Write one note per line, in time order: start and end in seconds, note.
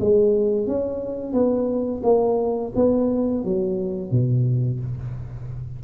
0.00 0.67 G#3
0.67 1.33 C#4
1.33 2.02 B3
2.03 2.72 A#3
2.76 3.45 B3
3.45 4.11 F#3
4.11 4.80 B2